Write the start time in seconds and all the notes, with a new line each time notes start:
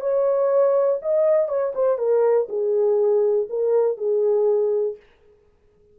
0.00 C#5
1.02 D#5
1.48 C#5
1.74 C5
1.98 A#4
2.48 G#4
3.49 A#4
3.97 G#4